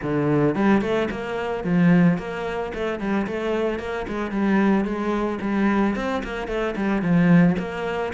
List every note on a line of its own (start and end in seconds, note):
0.02 0.55 D3
0.55 0.81 G3
0.81 1.08 A3
1.11 1.64 A#3
1.64 2.17 F3
2.18 2.72 A#3
2.73 2.99 A3
2.99 3.26 G3
3.27 3.79 A3
3.79 4.06 A#3
4.07 4.31 G#3
4.31 4.84 G3
4.84 5.38 G#3
5.41 5.95 G3
5.95 6.22 C4
6.23 6.47 A#3
6.47 6.74 A3
6.75 7.01 G3
7.01 7.56 F3
7.58 8.13 A#3